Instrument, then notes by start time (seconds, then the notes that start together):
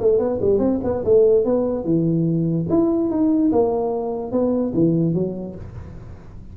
tuba
0.00 A3
0.19 B3
0.41 G3
0.59 C4
0.83 B3
1.04 A3
1.45 B3
1.85 E3
2.70 E4
3.10 D#4
3.52 A#3
4.32 B3
4.74 E3
5.14 F#3